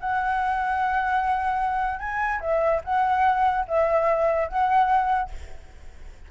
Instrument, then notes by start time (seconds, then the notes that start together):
flute
0.00 F#5
1.99 G#5
2.40 E5
2.84 F#5
3.68 E5
4.48 F#5